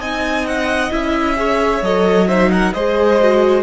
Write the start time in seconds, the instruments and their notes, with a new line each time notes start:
0.00 cello C4, viola D#4, violin D#5 G#5
0.47 violin F#5
0.91 cello C#4, viola E4, violin E5
1.36 viola G#4, violin C#5
1.82 cello F#3, viola A4, violin D#5
2.28 viola D#4, violin C5 E5
2.51 violin A#4 F#5
2.73 cello G#3, viola G#4, violin C5 D#5
3.21 viola F#4